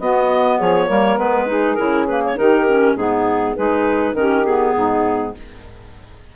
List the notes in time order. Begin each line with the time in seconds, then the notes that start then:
0.00 B3 F#4 D#5
0.58 F3 G#4 C#5
0.87 G3 A#3 A#4
1.18 G#3 B3 B4
1.47 D#4 G#4
1.75 C#3 E4 A#4
2.08 A#3 B4
2.26 C#5
2.36 D#3 D#4 G4 A#4
2.68 C#4
2.95 G#2 B3 D#4 G#4
3.55 G#3 D#4 G#4 B4
4.14 D#3 C#4 G4 A#4
4.46 B3 G#4
4.75 G#2 D#4